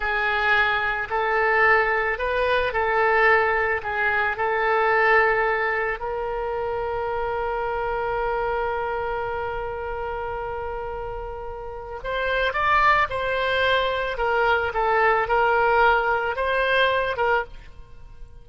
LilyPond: \new Staff \with { instrumentName = "oboe" } { \time 4/4 \tempo 4 = 110 gis'2 a'2 | b'4 a'2 gis'4 | a'2. ais'4~ | ais'1~ |
ais'1~ | ais'2 c''4 d''4 | c''2 ais'4 a'4 | ais'2 c''4. ais'8 | }